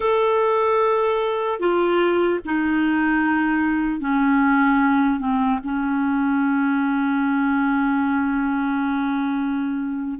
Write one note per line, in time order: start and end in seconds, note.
0.00 1.59 A4
1.59 2.39 F4
2.45 4.00 D#4
4.00 5.19 C#4
5.19 5.59 C4
5.63 10.19 C#4